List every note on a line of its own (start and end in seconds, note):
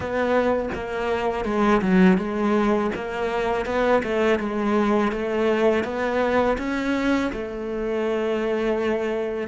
0.00 0.69 B3
0.74 1.44 A#3
1.44 1.81 G#3
1.81 2.18 F#3
2.18 2.91 G#3
2.95 3.65 A#3
3.65 4.02 B3
4.03 4.39 A3
4.39 5.12 G#3
5.12 5.84 A3
5.84 6.57 B3
6.58 7.31 C#4
7.32 9.48 A3